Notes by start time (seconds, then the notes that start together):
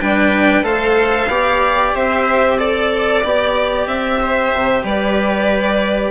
0.00 G3 D4 B4 G5
0.62 A3 A4 C5 F5
1.28 B3 G4 D5
1.95 C4 C5 E5
2.57 A4 D5
3.23 B3 G4
3.86 C4 E5
4.22 C5
4.54 C3
4.83 G3 B4 D5